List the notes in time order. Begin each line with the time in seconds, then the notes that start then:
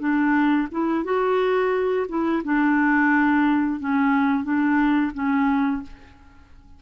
0.00 D4
0.72 E4
1.05 F#4
2.09 E4
2.45 D4
3.81 C#4
4.44 D4
5.14 C#4